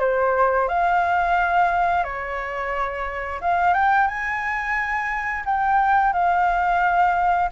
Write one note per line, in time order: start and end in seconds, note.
0.00 0.68 C5
0.68 2.04 F5
2.04 3.40 C#5
3.41 3.74 F5
3.74 4.08 G5
4.08 5.44 G#5
5.45 6.13 G5
6.13 7.49 F5